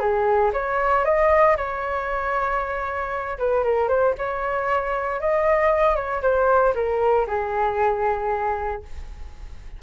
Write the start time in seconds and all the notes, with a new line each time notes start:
0.00 G#4
0.54 C#5
1.05 D#5
1.57 C#5
3.39 B4
3.64 A#4
3.89 C5
4.18 C#5
5.21 D#5
5.96 C#5
6.23 C5
6.75 A#4
7.28 G#4